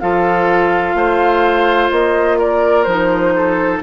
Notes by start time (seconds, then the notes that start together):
0.00 F3 F4 A4 F5
0.94 A3 C5
1.91 A#3 D#5
2.38 A#4 D5
2.84 F3 D#4 C5
3.36 A4